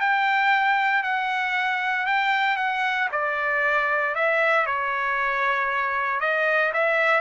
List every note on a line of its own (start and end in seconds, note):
0.00 1.03 G5
1.03 2.06 F#5
2.06 2.56 G5
2.56 3.08 F#5
3.11 4.14 D5
4.14 4.66 E5
4.66 6.20 C#5
6.20 6.72 D#5
6.73 7.20 E5